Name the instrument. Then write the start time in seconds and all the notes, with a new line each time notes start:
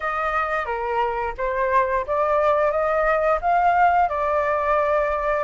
flute
0.00 D#5
0.65 A#4
1.37 C5
2.06 D5
2.71 D#5
3.41 F5
4.08 D5